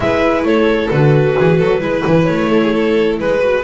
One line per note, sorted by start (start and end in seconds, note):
0.00 0.43 G#3
0.00 0.90 E4
0.00 0.47 B4
0.00 0.43 E5
0.43 0.89 A3
0.43 1.37 A4
0.43 0.91 C#5
0.90 1.36 D3
0.90 1.80 F#4
0.90 2.24 B4
1.37 1.61 E3
1.37 1.57 G#4
1.57 1.81 F#3
1.57 1.80 A4
1.80 2.03 G#3
1.80 3.39 E4
1.80 2.49 B4
2.06 2.28 E3
2.24 3.19 A3
2.24 3.15 C#5
2.49 2.60 A4
2.62 2.73 G#4
2.73 3.19 A4
3.19 3.63 G#3
3.19 3.63 B4
3.39 3.62 F#4